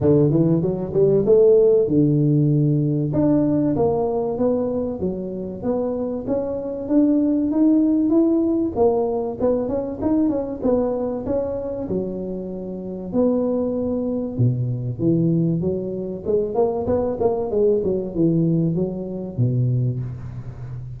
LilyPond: \new Staff \with { instrumentName = "tuba" } { \time 4/4 \tempo 4 = 96 d8 e8 fis8 g8 a4 d4~ | d4 d'4 ais4 b4 | fis4 b4 cis'4 d'4 | dis'4 e'4 ais4 b8 cis'8 |
dis'8 cis'8 b4 cis'4 fis4~ | fis4 b2 b,4 | e4 fis4 gis8 ais8 b8 ais8 | gis8 fis8 e4 fis4 b,4 | }